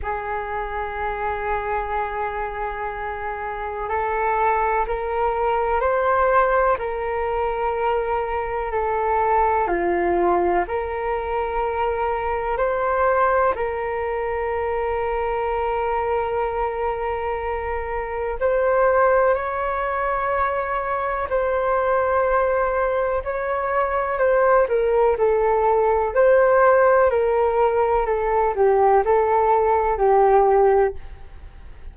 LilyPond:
\new Staff \with { instrumentName = "flute" } { \time 4/4 \tempo 4 = 62 gis'1 | a'4 ais'4 c''4 ais'4~ | ais'4 a'4 f'4 ais'4~ | ais'4 c''4 ais'2~ |
ais'2. c''4 | cis''2 c''2 | cis''4 c''8 ais'8 a'4 c''4 | ais'4 a'8 g'8 a'4 g'4 | }